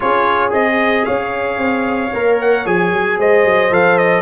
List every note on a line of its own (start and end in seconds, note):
0.00 0.53 C#4
0.00 0.50 F4
0.00 1.05 G#4
0.00 0.52 C#5
0.50 1.06 C4
0.50 2.09 G#4
0.50 1.04 D#5
1.04 1.58 C#4
1.04 3.17 C#5
1.04 2.37 F5
1.58 2.11 C4
2.13 2.65 A#3
2.13 2.65 A#4
2.40 2.66 F#5
2.65 2.92 F3
2.65 3.70 G#4
2.65 3.19 G#5
2.92 3.18 F#3
3.18 3.44 G#3
3.18 4.21 C5
3.18 3.73 D#5
3.44 3.70 F#3
3.70 4.21 F3
3.70 4.21 A4
3.70 3.98 F5
3.98 4.21 D#5